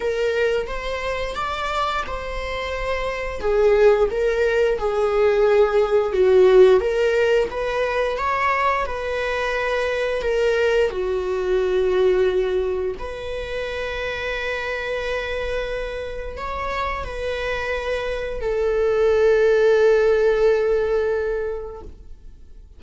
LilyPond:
\new Staff \with { instrumentName = "viola" } { \time 4/4 \tempo 4 = 88 ais'4 c''4 d''4 c''4~ | c''4 gis'4 ais'4 gis'4~ | gis'4 fis'4 ais'4 b'4 | cis''4 b'2 ais'4 |
fis'2. b'4~ | b'1 | cis''4 b'2 a'4~ | a'1 | }